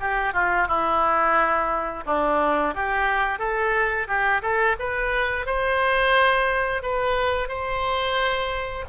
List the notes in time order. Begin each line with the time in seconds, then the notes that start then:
0.00 G4
0.33 F4
0.68 E4
2.06 D4
2.74 G4
3.39 A4
4.08 G4
4.42 A4
4.79 B4
5.46 C5
6.82 B4
7.48 C5